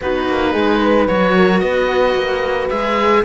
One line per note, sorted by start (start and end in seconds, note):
0.01 0.27 B3
0.01 1.08 D#4
0.01 0.51 F#4
0.01 1.07 B4
0.27 0.54 A#3
0.51 1.08 G#3
0.51 0.78 G#4
0.82 1.36 B4
1.07 1.62 F#3
1.07 2.70 F#4
1.07 1.60 C#5
1.36 1.61 A#4
1.60 2.14 B3
1.60 3.23 B4
1.60 2.68 D#5
2.14 2.68 A#3
2.69 3.24 G#3
2.69 3.24 G#4
2.69 3.23 E5